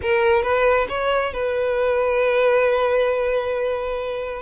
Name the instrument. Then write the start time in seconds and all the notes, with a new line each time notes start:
violin
0.01 A#4
0.42 B4
0.88 C#5
1.33 B4